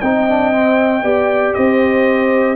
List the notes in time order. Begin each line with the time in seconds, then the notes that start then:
0.00 C4 D#4 D#5 G5
0.29 D4
0.52 C4
1.03 B3 G4 D5
1.54 C4 C5 D#5